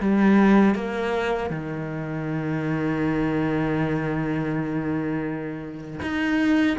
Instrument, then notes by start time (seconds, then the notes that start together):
cello
0.00 G3
0.74 A#3
1.49 D#3
6.02 D#4